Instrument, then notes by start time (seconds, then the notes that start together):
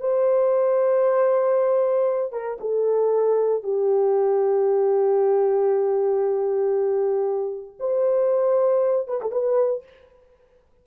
horn
0.00 C5
2.33 A#4
2.61 A4
3.63 G4
7.80 C5
9.08 B4
9.22 A4
9.32 B4